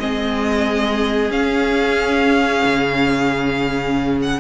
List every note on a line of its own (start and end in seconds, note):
0.00 1.31 G#3
0.00 1.31 C4
0.00 4.40 G#4
0.00 1.32 D#5
1.31 2.63 C#4
1.31 4.40 C#4
1.31 4.18 F5
2.65 4.40 C#3
4.22 4.40 F#5